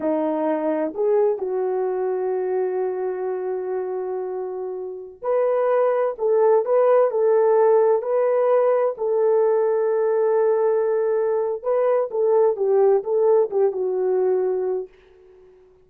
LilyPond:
\new Staff \with { instrumentName = "horn" } { \time 4/4 \tempo 4 = 129 dis'2 gis'4 fis'4~ | fis'1~ | fis'2.~ fis'16 b'8.~ | b'4~ b'16 a'4 b'4 a'8.~ |
a'4~ a'16 b'2 a'8.~ | a'1~ | a'4 b'4 a'4 g'4 | a'4 g'8 fis'2~ fis'8 | }